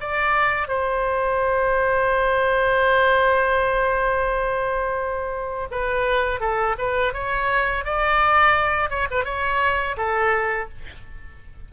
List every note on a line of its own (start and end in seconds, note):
0.00 0.68 D5
0.68 5.68 C5
5.71 6.40 B4
6.40 6.76 A4
6.78 7.14 B4
7.14 7.85 C#5
7.85 8.90 D5
8.90 9.08 C#5
9.10 9.25 B4
9.25 9.96 C#5
9.97 10.69 A4